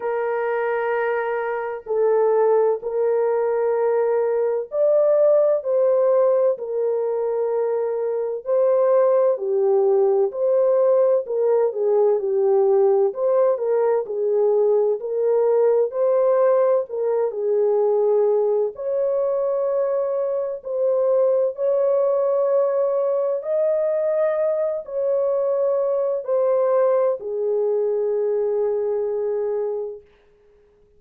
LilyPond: \new Staff \with { instrumentName = "horn" } { \time 4/4 \tempo 4 = 64 ais'2 a'4 ais'4~ | ais'4 d''4 c''4 ais'4~ | ais'4 c''4 g'4 c''4 | ais'8 gis'8 g'4 c''8 ais'8 gis'4 |
ais'4 c''4 ais'8 gis'4. | cis''2 c''4 cis''4~ | cis''4 dis''4. cis''4. | c''4 gis'2. | }